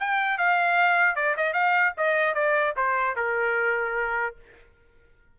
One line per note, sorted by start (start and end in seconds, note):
0.00 0.38 G5
0.38 1.16 F5
1.16 1.36 D5
1.37 1.53 D#5
1.53 1.93 F5
1.97 2.35 D#5
2.35 2.75 D5
2.77 3.16 C5
3.16 4.36 A#4